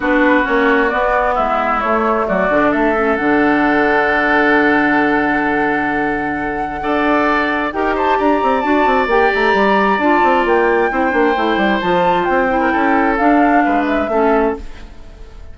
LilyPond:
<<
  \new Staff \with { instrumentName = "flute" } { \time 4/4 \tempo 4 = 132 b'4 cis''4 d''4 e''4 | cis''4 d''4 e''4 fis''4~ | fis''1~ | fis''1~ |
fis''4 g''8 a''8 ais''4 a''4 | g''8 ais''4. a''4 g''4~ | g''2 a''4 g''4~ | g''4 f''4. e''4. | }
  \new Staff \with { instrumentName = "oboe" } { \time 4/4 fis'2. e'4~ | e'4 fis'4 a'2~ | a'1~ | a'2. d''4~ |
d''4 ais'8 c''8 d''2~ | d''1 | c''2.~ c''8. ais'16 | a'2 b'4 a'4 | }
  \new Staff \with { instrumentName = "clarinet" } { \time 4/4 d'4 cis'4 b2 | a4. d'4 cis'8 d'4~ | d'1~ | d'2. a'4~ |
a'4 g'2 fis'4 | g'2 f'2 | e'8 d'8 e'4 f'4. e'8~ | e'4 d'2 cis'4 | }
  \new Staff \with { instrumentName = "bassoon" } { \time 4/4 b4 ais4 b4 gis4 | a4 fis8 d8 a4 d4~ | d1~ | d2. d'4~ |
d'4 dis'4 d'8 c'8 d'8 c'8 | ais8 a8 g4 d'8 c'8 ais4 | c'8 ais8 a8 g8 f4 c'4 | cis'4 d'4 gis4 a4 | }
>>